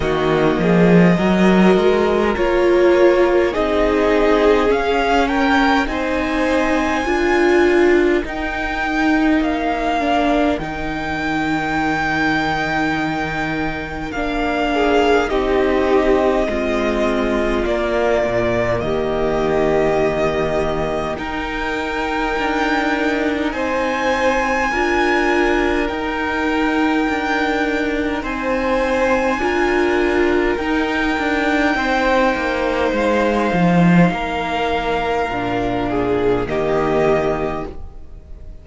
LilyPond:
<<
  \new Staff \with { instrumentName = "violin" } { \time 4/4 \tempo 4 = 51 dis''2 cis''4 dis''4 | f''8 g''8 gis''2 g''4 | f''4 g''2. | f''4 dis''2 d''4 |
dis''2 g''2 | gis''2 g''2 | gis''2 g''2 | f''2. dis''4 | }
  \new Staff \with { instrumentName = "violin" } { \time 4/4 fis'8 gis'8 ais'2 gis'4~ | gis'8 ais'8 c''4 ais'2~ | ais'1~ | ais'8 gis'8 g'4 f'2 |
g'2 ais'2 | c''4 ais'2. | c''4 ais'2 c''4~ | c''4 ais'4. gis'8 g'4 | }
  \new Staff \with { instrumentName = "viola" } { \time 4/4 ais4 fis'4 f'4 dis'4 | cis'4 dis'4 f'4 dis'4~ | dis'8 d'8 dis'2. | d'4 dis'4 c'4 ais4~ |
ais2 dis'2~ | dis'4 f'4 dis'2~ | dis'4 f'4 dis'2~ | dis'2 d'4 ais4 | }
  \new Staff \with { instrumentName = "cello" } { \time 4/4 dis8 f8 fis8 gis8 ais4 c'4 | cis'4 c'4 d'4 dis'4 | ais4 dis2. | ais4 c'4 gis4 ais8 ais,8 |
dis2 dis'4 d'4 | c'4 d'4 dis'4 d'4 | c'4 d'4 dis'8 d'8 c'8 ais8 | gis8 f8 ais4 ais,4 dis4 | }
>>